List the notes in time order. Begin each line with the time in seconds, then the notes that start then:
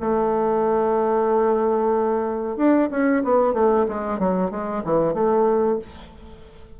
0.00 A3
2.56 D4
2.90 C#4
3.23 B3
3.53 A3
3.88 G#3
4.18 F#3
4.50 G#3
4.84 E3
5.13 A3